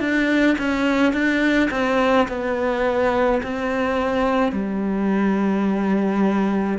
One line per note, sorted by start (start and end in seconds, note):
0.00 0.57 D4
0.58 1.13 C#4
1.13 1.69 D4
1.71 2.27 C4
2.28 3.41 B3
3.43 4.52 C4
4.52 6.79 G3